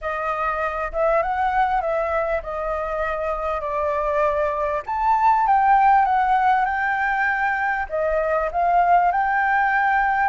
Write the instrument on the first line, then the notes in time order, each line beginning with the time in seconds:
flute
0.01 D#5
0.92 E5
1.22 F#5
1.81 E5
2.42 D#5
3.61 D5
4.86 A5
5.47 G5
6.05 F#5
6.65 G5
7.89 D#5
8.51 F5
9.11 G5